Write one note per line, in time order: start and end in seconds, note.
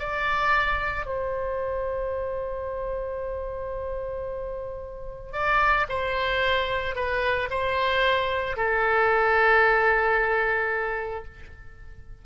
0.00 1.06 D5
1.06 5.33 C5
5.33 5.86 D5
5.90 6.96 C5
6.96 7.49 B4
7.50 8.57 C5
8.57 11.25 A4